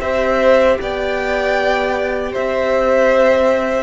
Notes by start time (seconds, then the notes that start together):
0.00 C4 G4 C5 E5
0.81 B3 D5 G5
2.32 C4 C5 E5